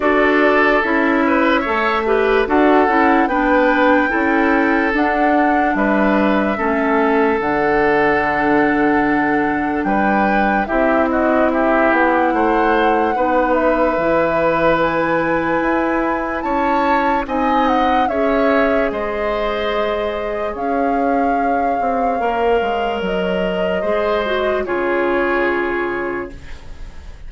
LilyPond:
<<
  \new Staff \with { instrumentName = "flute" } { \time 4/4 \tempo 4 = 73 d''4 e''2 fis''4 | g''2 fis''4 e''4~ | e''4 fis''2. | g''4 e''8 dis''8 e''8 fis''4.~ |
fis''8 e''4. gis''2 | a''4 gis''8 fis''8 e''4 dis''4~ | dis''4 f''2. | dis''2 cis''2 | }
  \new Staff \with { instrumentName = "oboe" } { \time 4/4 a'4. b'8 cis''8 b'8 a'4 | b'4 a'2 b'4 | a'1 | b'4 g'8 fis'8 g'4 c''4 |
b'1 | cis''4 dis''4 cis''4 c''4~ | c''4 cis''2.~ | cis''4 c''4 gis'2 | }
  \new Staff \with { instrumentName = "clarinet" } { \time 4/4 fis'4 e'4 a'8 g'8 fis'8 e'8 | d'4 e'4 d'2 | cis'4 d'2.~ | d'4 e'2. |
dis'4 e'2.~ | e'4 dis'4 gis'2~ | gis'2. ais'4~ | ais'4 gis'8 fis'8 f'2 | }
  \new Staff \with { instrumentName = "bassoon" } { \time 4/4 d'4 cis'4 a4 d'8 cis'8 | b4 cis'4 d'4 g4 | a4 d2. | g4 c'4. b8 a4 |
b4 e2 e'4 | cis'4 c'4 cis'4 gis4~ | gis4 cis'4. c'8 ais8 gis8 | fis4 gis4 cis2 | }
>>